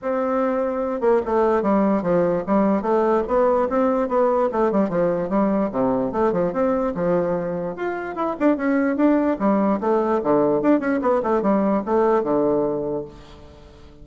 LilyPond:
\new Staff \with { instrumentName = "bassoon" } { \time 4/4 \tempo 4 = 147 c'2~ c'8 ais8 a4 | g4 f4 g4 a4 | b4 c'4 b4 a8 g8 | f4 g4 c4 a8 f8 |
c'4 f2 f'4 | e'8 d'8 cis'4 d'4 g4 | a4 d4 d'8 cis'8 b8 a8 | g4 a4 d2 | }